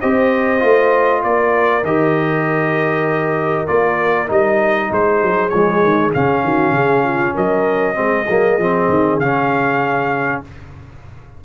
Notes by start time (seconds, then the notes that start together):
0.00 C4 G4 C5 D#5
0.59 A3 F4
1.23 A#3 A#4 D5
1.83 D#3 G4 D#5
3.67 A#3 F4 D5
4.27 G3 D#4 D#5
4.91 G#3 G#4 C5
5.22 F#3
5.49 F3 G#3 C#5
5.83 D#3
6.14 C#3 C#4 F5
6.43 D#3 F#4
6.71 C#3 G#4
7.03 F4
7.34 F#3 A#4 D#5
7.94 G#3 C4 G#4
8.29 F#3 A#3
8.58 F3 C4
8.88 D#3
9.17 C#3 C#4 F5